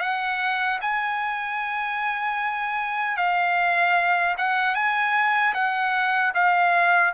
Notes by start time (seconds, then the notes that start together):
0.00 F#5
0.81 G#5
3.17 F5
4.38 F#5
4.75 G#5
5.54 F#5
6.34 F5